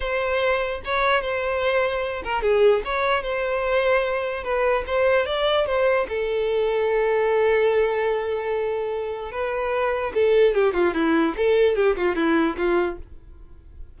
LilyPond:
\new Staff \with { instrumentName = "violin" } { \time 4/4 \tempo 4 = 148 c''2 cis''4 c''4~ | c''4. ais'8 gis'4 cis''4 | c''2. b'4 | c''4 d''4 c''4 a'4~ |
a'1~ | a'2. b'4~ | b'4 a'4 g'8 f'8 e'4 | a'4 g'8 f'8 e'4 f'4 | }